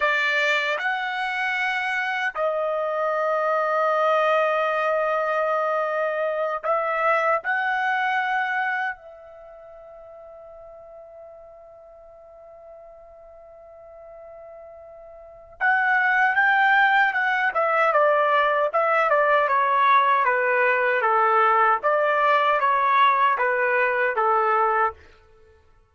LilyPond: \new Staff \with { instrumentName = "trumpet" } { \time 4/4 \tempo 4 = 77 d''4 fis''2 dis''4~ | dis''1~ | dis''8 e''4 fis''2 e''8~ | e''1~ |
e''1 | fis''4 g''4 fis''8 e''8 d''4 | e''8 d''8 cis''4 b'4 a'4 | d''4 cis''4 b'4 a'4 | }